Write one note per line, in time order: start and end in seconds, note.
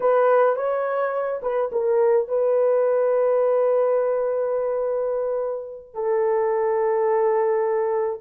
0.00 0.56 B4
0.56 1.40 C#5
1.42 1.70 B4
1.71 2.28 A#4
2.28 5.94 B4
5.94 8.20 A4